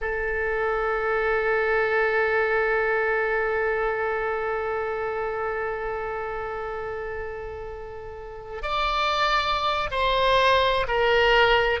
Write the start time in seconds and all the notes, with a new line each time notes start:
0.01 A4
8.62 D5
9.90 C5
10.87 A#4